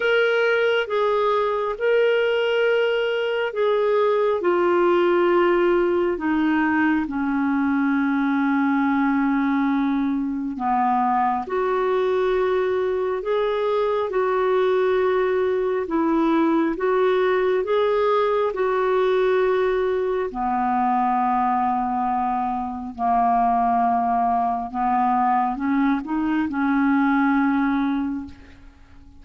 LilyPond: \new Staff \with { instrumentName = "clarinet" } { \time 4/4 \tempo 4 = 68 ais'4 gis'4 ais'2 | gis'4 f'2 dis'4 | cis'1 | b4 fis'2 gis'4 |
fis'2 e'4 fis'4 | gis'4 fis'2 b4~ | b2 ais2 | b4 cis'8 dis'8 cis'2 | }